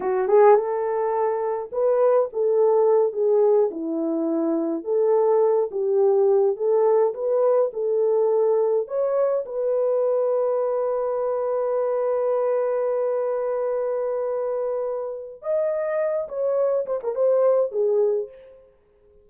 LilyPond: \new Staff \with { instrumentName = "horn" } { \time 4/4 \tempo 4 = 105 fis'8 gis'8 a'2 b'4 | a'4. gis'4 e'4.~ | e'8 a'4. g'4. a'8~ | a'8 b'4 a'2 cis''8~ |
cis''8 b'2.~ b'8~ | b'1~ | b'2. dis''4~ | dis''8 cis''4 c''16 ais'16 c''4 gis'4 | }